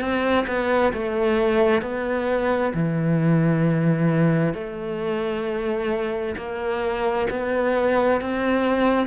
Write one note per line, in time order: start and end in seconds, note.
0.00 0.45 C4
0.47 0.92 B3
0.93 1.81 A3
1.81 2.72 B3
2.73 4.53 E3
4.53 6.35 A3
6.36 7.27 A#3
7.30 8.21 B3
8.21 9.07 C4